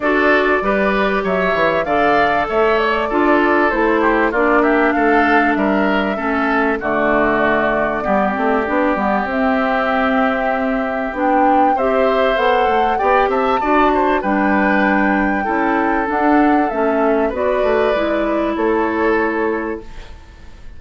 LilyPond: <<
  \new Staff \with { instrumentName = "flute" } { \time 4/4 \tempo 4 = 97 d''2 e''4 f''4 | e''8 d''4. c''4 d''8 e''8 | f''4 e''2 d''4~ | d''2. e''4~ |
e''2 g''4 e''4 | fis''4 g''8 a''4. g''4~ | g''2 fis''4 e''4 | d''2 cis''2 | }
  \new Staff \with { instrumentName = "oboe" } { \time 4/4 a'4 b'4 cis''4 d''4 | cis''4 a'4. g'8 f'8 g'8 | a'4 ais'4 a'4 fis'4~ | fis'4 g'2.~ |
g'2. c''4~ | c''4 d''8 e''8 d''8 c''8 b'4~ | b'4 a'2. | b'2 a'2 | }
  \new Staff \with { instrumentName = "clarinet" } { \time 4/4 fis'4 g'2 a'4~ | a'4 f'4 e'4 d'4~ | d'2 cis'4 a4~ | a4 b8 c'8 d'8 b8 c'4~ |
c'2 d'4 g'4 | a'4 g'4 fis'4 d'4~ | d'4 e'4 d'4 cis'4 | fis'4 e'2. | }
  \new Staff \with { instrumentName = "bassoon" } { \time 4/4 d'4 g4 fis8 e8 d4 | a4 d'4 a4 ais4 | a4 g4 a4 d4~ | d4 g8 a8 b8 g8 c'4~ |
c'2 b4 c'4 | b8 a8 b8 c'8 d'4 g4~ | g4 cis'4 d'4 a4 | b8 a8 gis4 a2 | }
>>